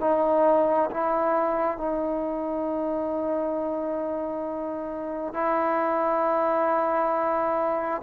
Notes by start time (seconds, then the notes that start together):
0.00 D#4
0.90 E4
1.77 D#4
5.33 E4